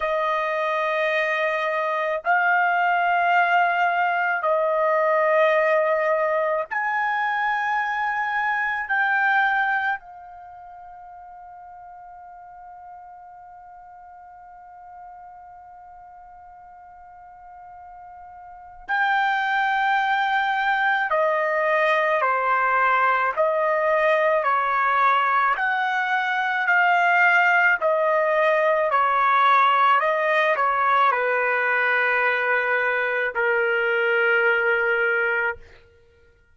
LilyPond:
\new Staff \with { instrumentName = "trumpet" } { \time 4/4 \tempo 4 = 54 dis''2 f''2 | dis''2 gis''2 | g''4 f''2.~ | f''1~ |
f''4 g''2 dis''4 | c''4 dis''4 cis''4 fis''4 | f''4 dis''4 cis''4 dis''8 cis''8 | b'2 ais'2 | }